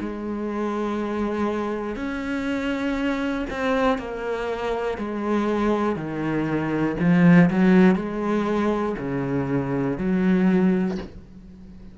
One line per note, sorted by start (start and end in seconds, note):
0.00 1.96 G#3
1.96 3.46 C#4
3.50 3.98 C4
3.98 4.98 A#3
4.98 5.96 G#3
5.96 6.96 D#3
7.00 7.50 F3
7.50 7.95 F#3
7.95 8.95 G#3
8.99 9.98 C#3
9.98 10.98 F#3